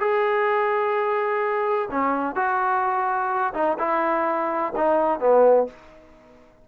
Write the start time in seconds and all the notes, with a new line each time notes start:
0.00 G#4
1.91 C#4
2.35 F#4
3.53 D#4
3.78 E4
4.75 D#4
5.20 B3